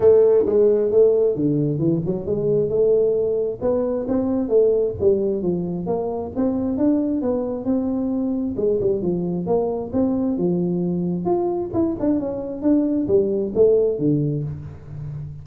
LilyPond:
\new Staff \with { instrumentName = "tuba" } { \time 4/4 \tempo 4 = 133 a4 gis4 a4 d4 | e8 fis8 gis4 a2 | b4 c'4 a4 g4 | f4 ais4 c'4 d'4 |
b4 c'2 gis8 g8 | f4 ais4 c'4 f4~ | f4 f'4 e'8 d'8 cis'4 | d'4 g4 a4 d4 | }